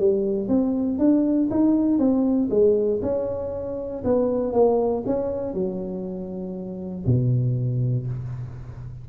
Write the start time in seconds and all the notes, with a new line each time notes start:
0.00 G3
0.49 C4
0.99 D4
1.51 D#4
1.99 C4
2.50 G#3
3.02 C#4
4.05 B3
4.53 A#3
5.06 C#4
5.54 F#3
7.06 B2